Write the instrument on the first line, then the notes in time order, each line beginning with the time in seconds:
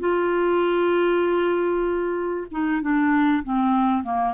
clarinet
0.00 F4
2.52 D#4
2.82 D4
3.44 C4
4.04 A#3